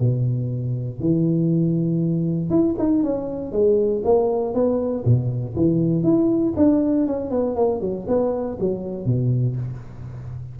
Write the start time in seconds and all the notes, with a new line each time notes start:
0.00 B2
1.00 E3
2.50 E4
2.79 D#4
3.04 C#4
3.52 G#3
4.05 A#3
4.54 B3
5.05 B2
5.56 E3
6.03 E4
6.57 D4
7.07 C#4
7.31 B3
7.56 A#3
7.81 F#3
8.08 B3
8.60 F#3
9.06 B2